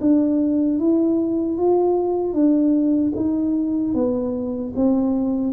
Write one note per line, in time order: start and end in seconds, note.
0.00 0.78 D4
0.78 1.57 E4
1.57 2.33 F4
2.33 3.12 D4
3.15 3.94 D#4
3.94 4.73 B3
4.75 5.52 C4